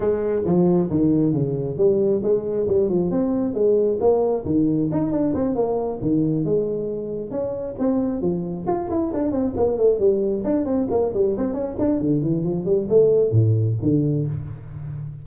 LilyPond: \new Staff \with { instrumentName = "tuba" } { \time 4/4 \tempo 4 = 135 gis4 f4 dis4 cis4 | g4 gis4 g8 f8 c'4 | gis4 ais4 dis4 dis'8 d'8 | c'8 ais4 dis4 gis4.~ |
gis8 cis'4 c'4 f4 f'8 | e'8 d'8 c'8 ais8 a8 g4 d'8 | c'8 ais8 g8 c'8 cis'8 d'8 d8 e8 | f8 g8 a4 a,4 d4 | }